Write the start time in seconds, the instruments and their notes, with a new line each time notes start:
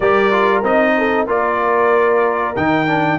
0.00 tuba G3, trombone G4, horn A#4, trumpet D5
0.31 trombone F4
0.63 tuba C4, trombone D#4, trumpet D#5
0.97 horn A4
1.26 tuba A#3, trombone F4, horn A#4, trumpet D5
2.56 tuba D#3, trombone D#4, trumpet G5
2.87 trombone D4